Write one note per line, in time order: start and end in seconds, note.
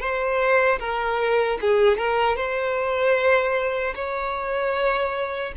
0.00 0.79 C5
0.79 1.58 A#4
1.61 1.97 G#4
1.97 2.36 A#4
2.36 3.94 C5
3.95 5.53 C#5